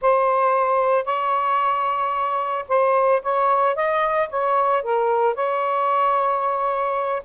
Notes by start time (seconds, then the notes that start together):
0.01 C5
1.04 C#5
2.68 C5
3.22 C#5
3.75 D#5
4.29 C#5
4.82 A#4
5.34 C#5